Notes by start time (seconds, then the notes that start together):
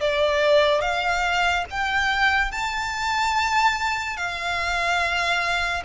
0.00 D5
0.81 F5
1.70 G5
2.51 A5
4.16 F5